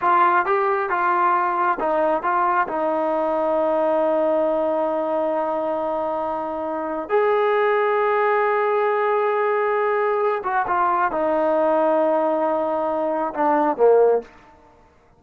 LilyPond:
\new Staff \with { instrumentName = "trombone" } { \time 4/4 \tempo 4 = 135 f'4 g'4 f'2 | dis'4 f'4 dis'2~ | dis'1~ | dis'1 |
gis'1~ | gis'2.~ gis'8 fis'8 | f'4 dis'2.~ | dis'2 d'4 ais4 | }